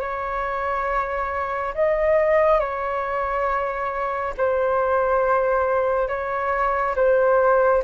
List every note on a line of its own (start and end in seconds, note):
0.00 1.74 C#5
1.74 2.59 D#5
2.59 4.33 C#5
4.37 6.08 C5
6.08 6.95 C#5
6.96 7.83 C5